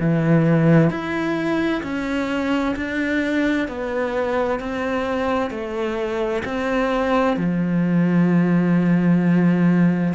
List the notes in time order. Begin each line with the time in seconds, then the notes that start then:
0.00 E3
0.90 E4
1.83 C#4
2.76 D4
3.68 B3
4.59 C4
5.50 A3
6.45 C4
7.37 F3